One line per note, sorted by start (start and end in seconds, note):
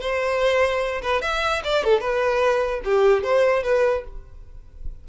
0.00 1.01 C5
1.02 1.21 B4
1.21 1.62 E5
1.64 1.84 D5
1.84 2.00 A4
2.00 2.81 B4
2.84 3.23 G4
3.23 3.63 C5
3.63 4.04 B4